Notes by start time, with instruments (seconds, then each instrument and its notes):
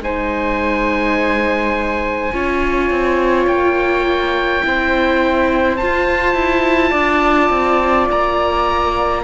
0.00 cello G#3, viola D#4, flute C5, oboe G#5
2.33 cello C#4, viola F4, flute C#5
2.91 cello C4
3.47 cello A#3, oboe G5
4.63 cello C4, viola E4, flute C5
5.76 viola F4, cello F4, oboe A5
6.35 cello E4
6.91 cello D4, flute D5
7.50 cello C4
8.11 cello A#3, oboe A#5